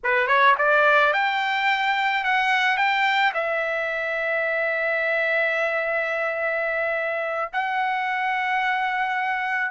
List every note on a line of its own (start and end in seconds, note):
0.03 0.27 B4
0.27 0.55 C#5
0.58 1.13 D5
1.13 2.24 G5
2.24 2.77 F#5
2.77 3.32 G5
3.34 7.51 E5
7.53 9.71 F#5